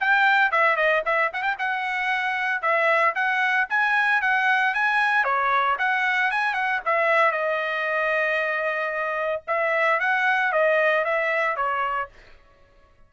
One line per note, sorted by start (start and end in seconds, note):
0.00 0.51 G5
0.51 0.76 E5
0.76 1.02 D#5
1.05 1.31 E5
1.33 1.42 F#5
1.42 1.55 G5
1.58 2.61 F#5
2.61 3.14 E5
3.15 3.67 F#5
3.69 4.21 G#5
4.21 4.74 F#5
4.74 5.24 G#5
5.24 5.76 C#5
5.78 6.31 F#5
6.31 6.54 G#5
6.54 6.80 F#5
6.85 7.31 E5
7.31 9.42 D#5
9.47 10.00 E5
10.00 10.52 F#5
10.52 11.05 D#5
11.05 11.56 E5
11.56 12.09 C#5